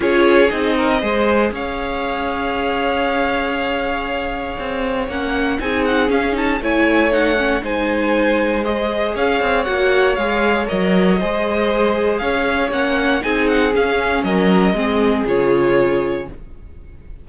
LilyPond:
<<
  \new Staff \with { instrumentName = "violin" } { \time 4/4 \tempo 4 = 118 cis''4 dis''2 f''4~ | f''1~ | f''2 fis''4 gis''8 fis''8 | f''8 a''8 gis''4 fis''4 gis''4~ |
gis''4 dis''4 f''4 fis''4 | f''4 dis''2. | f''4 fis''4 gis''8 fis''8 f''4 | dis''2 cis''2 | }
  \new Staff \with { instrumentName = "violin" } { \time 4/4 gis'4. ais'8 c''4 cis''4~ | cis''1~ | cis''2. gis'4~ | gis'4 cis''2 c''4~ |
c''2 cis''2~ | cis''2 c''2 | cis''2 gis'2 | ais'4 gis'2. | }
  \new Staff \with { instrumentName = "viola" } { \time 4/4 f'4 dis'4 gis'2~ | gis'1~ | gis'2 cis'4 dis'4 | cis'8 dis'8 e'4 dis'8 cis'8 dis'4~ |
dis'4 gis'2 fis'4 | gis'4 ais'4 gis'2~ | gis'4 cis'4 dis'4 cis'4~ | cis'4 c'4 f'2 | }
  \new Staff \with { instrumentName = "cello" } { \time 4/4 cis'4 c'4 gis4 cis'4~ | cis'1~ | cis'4 c'4 ais4 c'4 | cis'4 a2 gis4~ |
gis2 cis'8 c'8 ais4 | gis4 fis4 gis2 | cis'4 ais4 c'4 cis'4 | fis4 gis4 cis2 | }
>>